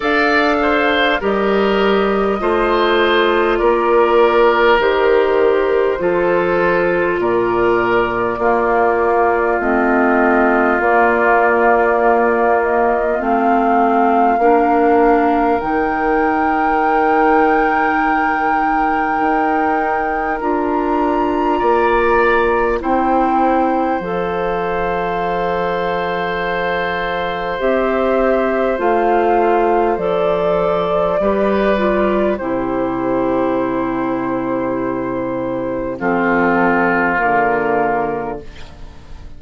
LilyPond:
<<
  \new Staff \with { instrumentName = "flute" } { \time 4/4 \tempo 4 = 50 f''4 dis''2 d''4 | c''2 d''2 | dis''4 d''4. dis''8 f''4~ | f''4 g''2.~ |
g''4 ais''2 g''4 | f''2. e''4 | f''4 d''2 c''4~ | c''2 a'4 ais'4 | }
  \new Staff \with { instrumentName = "oboe" } { \time 4/4 d''8 c''8 ais'4 c''4 ais'4~ | ais'4 a'4 ais'4 f'4~ | f'1 | ais'1~ |
ais'2 d''4 c''4~ | c''1~ | c''2 b'4 g'4~ | g'2 f'2 | }
  \new Staff \with { instrumentName = "clarinet" } { \time 4/4 a'4 g'4 f'2 | g'4 f'2 ais4 | c'4 ais2 c'4 | d'4 dis'2.~ |
dis'4 f'2 e'4 | a'2. g'4 | f'4 a'4 g'8 f'8 e'4~ | e'2 c'4 ais4 | }
  \new Staff \with { instrumentName = "bassoon" } { \time 4/4 d'4 g4 a4 ais4 | dis4 f4 ais,4 ais4 | a4 ais2 a4 | ais4 dis2. |
dis'4 d'4 ais4 c'4 | f2. c'4 | a4 f4 g4 c4~ | c2 f4 d4 | }
>>